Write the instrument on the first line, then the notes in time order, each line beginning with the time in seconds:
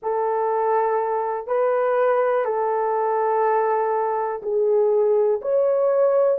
horn
0.02 A4
1.47 B4
2.44 A4
4.42 G#4
5.41 C#5